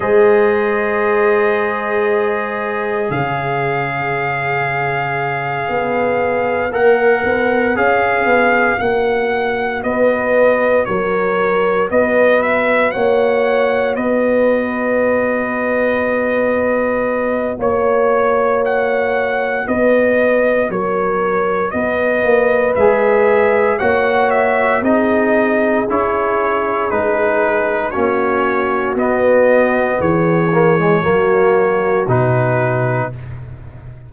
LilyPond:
<<
  \new Staff \with { instrumentName = "trumpet" } { \time 4/4 \tempo 4 = 58 dis''2. f''4~ | f''2~ f''8 fis''4 f''8~ | f''8 fis''4 dis''4 cis''4 dis''8 | e''8 fis''4 dis''2~ dis''8~ |
dis''4 cis''4 fis''4 dis''4 | cis''4 dis''4 e''4 fis''8 e''8 | dis''4 cis''4 b'4 cis''4 | dis''4 cis''2 b'4 | }
  \new Staff \with { instrumentName = "horn" } { \time 4/4 c''2. cis''4~ | cis''1~ | cis''4. b'4 ais'4 b'8~ | b'8 cis''4 b'2~ b'8~ |
b'4 cis''2 b'4 | ais'4 b'2 cis''4 | gis'2. fis'4~ | fis'4 gis'4 fis'2 | }
  \new Staff \with { instrumentName = "trombone" } { \time 4/4 gis'1~ | gis'2~ gis'8 ais'4 gis'8~ | gis'8 fis'2.~ fis'8~ | fis'1~ |
fis'1~ | fis'2 gis'4 fis'4 | dis'4 e'4 dis'4 cis'4 | b4. ais16 gis16 ais4 dis'4 | }
  \new Staff \with { instrumentName = "tuba" } { \time 4/4 gis2. cis4~ | cis4. b4 ais8 b8 cis'8 | b8 ais4 b4 fis4 b8~ | b8 ais4 b2~ b8~ |
b4 ais2 b4 | fis4 b8 ais8 gis4 ais4 | c'4 cis'4 gis4 ais4 | b4 e4 fis4 b,4 | }
>>